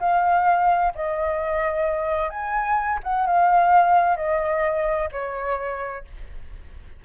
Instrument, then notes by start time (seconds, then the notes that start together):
flute
0.00 F5
0.95 D#5
2.30 G#5
3.04 F#5
3.27 F5
4.16 D#5
5.12 C#5